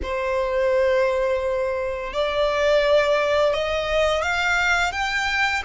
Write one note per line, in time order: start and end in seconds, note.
0.02 2.13 C5
2.13 3.53 D5
3.53 4.22 D#5
4.22 4.92 F5
4.92 5.62 G5